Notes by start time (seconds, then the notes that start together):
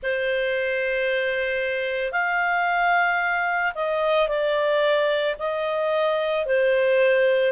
0.02 C5
2.12 F5
3.75 D#5
4.28 D5
5.39 D#5
6.46 C5